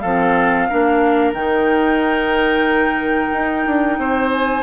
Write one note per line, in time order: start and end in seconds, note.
0.00 0.70 F3
0.00 0.70 C4
0.00 0.67 A4
0.00 1.32 F5
0.69 1.33 A#3
0.69 1.35 D4
0.69 3.99 A#4
1.33 3.31 D#3
1.33 4.63 D#4
1.33 4.31 G5
3.33 3.66 D#4
3.66 3.98 D4
3.98 4.63 C4
3.98 4.63 C5
4.32 4.63 G#5